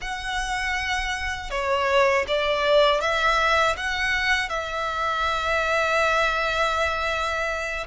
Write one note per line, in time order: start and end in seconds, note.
0.01 1.50 F#5
1.50 2.25 C#5
2.27 3.00 D5
3.00 3.75 E5
3.77 4.49 F#5
4.49 7.86 E5